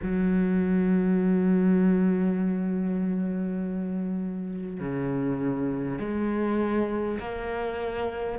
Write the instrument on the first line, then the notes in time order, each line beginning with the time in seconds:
cello
0.02 F#3
4.79 C#3
5.98 G#3
7.19 A#3